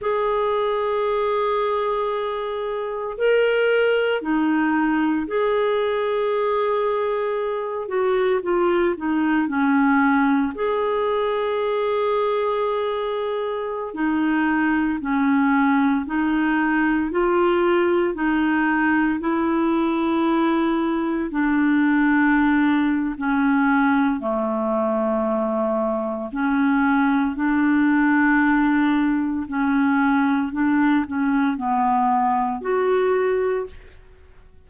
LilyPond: \new Staff \with { instrumentName = "clarinet" } { \time 4/4 \tempo 4 = 57 gis'2. ais'4 | dis'4 gis'2~ gis'8 fis'8 | f'8 dis'8 cis'4 gis'2~ | gis'4~ gis'16 dis'4 cis'4 dis'8.~ |
dis'16 f'4 dis'4 e'4.~ e'16~ | e'16 d'4.~ d'16 cis'4 a4~ | a4 cis'4 d'2 | cis'4 d'8 cis'8 b4 fis'4 | }